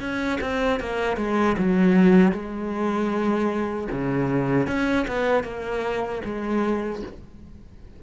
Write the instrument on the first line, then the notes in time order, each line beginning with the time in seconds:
cello
0.00 C#4
0.41 C4
0.80 A#3
1.17 G#3
1.58 F#3
2.32 G#3
3.92 C#3
4.67 C#4
5.08 B3
5.44 A#3
6.25 G#3